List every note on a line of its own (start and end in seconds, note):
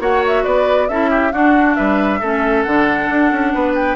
0.00 0.44 A#3
0.00 0.89 F#4
0.00 0.44 C#5
0.00 0.24 F#5
0.27 0.44 E5
0.44 0.89 B3
0.44 0.88 B4
0.44 0.88 D5
0.88 1.32 C#4
0.88 1.32 E4
0.88 1.10 A4
0.88 1.32 E5
1.10 1.32 G4
1.32 2.20 D4
1.32 1.76 D4
1.32 1.77 F#4
1.32 1.75 F#5
1.75 2.21 G3
1.75 2.20 B4
1.75 2.63 E5
2.20 2.65 A3
2.20 2.67 C#4
2.20 3.52 A4
2.63 3.10 D3
2.63 3.96 D4
2.63 3.73 F#5
3.10 3.32 D4
3.32 3.54 C#4
3.54 3.96 B3
3.54 3.96 B4
3.75 3.96 G5